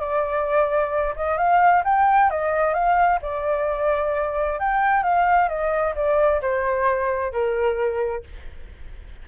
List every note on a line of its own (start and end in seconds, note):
0.00 1.15 D5
1.16 1.38 D#5
1.38 1.83 F5
1.85 2.30 G5
2.31 2.74 D#5
2.74 3.20 F5
3.22 4.60 D5
4.60 5.03 G5
5.03 5.49 F5
5.49 5.95 D#5
5.96 6.42 D5
6.42 7.32 C5
7.32 8.24 A#4